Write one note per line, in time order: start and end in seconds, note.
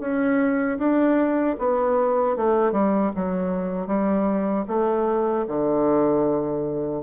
0.00 0.78 C#4
0.78 1.56 D4
1.59 2.36 B3
2.36 2.72 A3
2.72 3.11 G3
3.16 3.87 F#3
3.87 4.65 G3
4.68 5.45 A3
5.48 7.03 D3